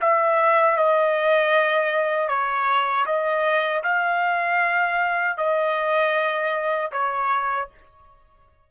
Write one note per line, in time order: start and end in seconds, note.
0.00 0.77 E5
0.77 2.28 D#5
2.28 3.05 C#5
3.06 3.83 D#5
3.83 5.37 F5
5.37 6.91 D#5
6.92 7.69 C#5